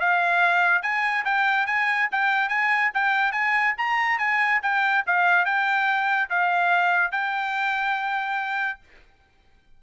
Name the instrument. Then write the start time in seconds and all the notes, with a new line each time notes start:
trumpet
0.00 F5
0.82 G#5
1.25 G5
1.66 G#5
2.12 G5
2.49 G#5
2.94 G5
3.32 G#5
3.77 A#5
4.18 G#5
4.62 G5
5.06 F5
5.45 G5
6.29 F5
7.12 G5